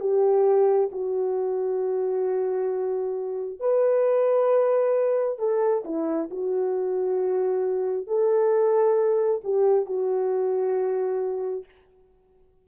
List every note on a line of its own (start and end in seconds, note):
0.00 0.90 G4
0.92 3.59 F#4
3.59 5.38 B4
5.38 5.83 A4
5.84 6.29 E4
6.30 8.07 F#4
8.07 9.41 A4
9.44 9.85 G4
9.85 11.65 F#4